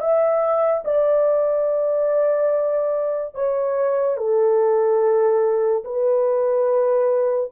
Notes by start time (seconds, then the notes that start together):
0.00 E5
0.84 D5
3.34 C#5
4.17 A4
5.84 B4